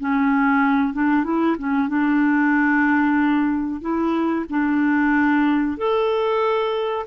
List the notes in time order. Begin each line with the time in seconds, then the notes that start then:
0.00 C#4
0.94 D4
1.24 E4
1.59 C#4
1.88 D4
3.81 E4
4.50 D4
5.78 A4